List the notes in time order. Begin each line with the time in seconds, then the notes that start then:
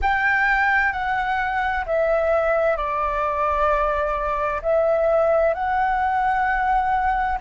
0.01 G5
0.92 F#5
1.85 E5
2.77 D5
4.62 E5
5.53 F#5